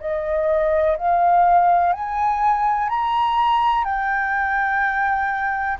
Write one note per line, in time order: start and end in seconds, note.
0.00 0.97 D#5
0.97 1.92 F5
1.92 2.89 G#5
2.89 3.84 A#5
3.84 5.78 G5